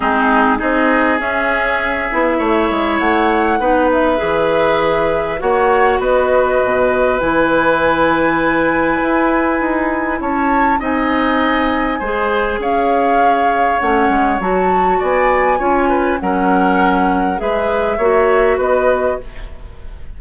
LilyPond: <<
  \new Staff \with { instrumentName = "flute" } { \time 4/4 \tempo 4 = 100 gis'4 dis''4 e''2~ | e''4 fis''4. e''4.~ | e''4 fis''4 dis''2 | gis''1~ |
gis''4 a''4 gis''2~ | gis''4 f''2 fis''4 | a''4 gis''2 fis''4~ | fis''4 e''2 dis''4 | }
  \new Staff \with { instrumentName = "oboe" } { \time 4/4 dis'4 gis'2. | cis''2 b'2~ | b'4 cis''4 b'2~ | b'1~ |
b'4 cis''4 dis''2 | c''4 cis''2.~ | cis''4 d''4 cis''8 b'8 ais'4~ | ais'4 b'4 cis''4 b'4 | }
  \new Staff \with { instrumentName = "clarinet" } { \time 4/4 c'4 dis'4 cis'4. e'8~ | e'2 dis'4 gis'4~ | gis'4 fis'2. | e'1~ |
e'2 dis'2 | gis'2. cis'4 | fis'2 f'4 cis'4~ | cis'4 gis'4 fis'2 | }
  \new Staff \with { instrumentName = "bassoon" } { \time 4/4 gis4 c'4 cis'4. b8 | a8 gis8 a4 b4 e4~ | e4 ais4 b4 b,4 | e2. e'4 |
dis'4 cis'4 c'2 | gis4 cis'2 a8 gis8 | fis4 b4 cis'4 fis4~ | fis4 gis4 ais4 b4 | }
>>